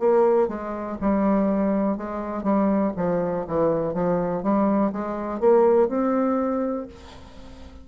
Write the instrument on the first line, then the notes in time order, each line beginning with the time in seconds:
bassoon
0.00 A#3
0.48 G#3
1.01 G3
1.98 G#3
2.43 G3
2.97 F3
3.47 E3
3.94 F3
4.43 G3
4.93 G#3
5.41 A#3
5.89 C4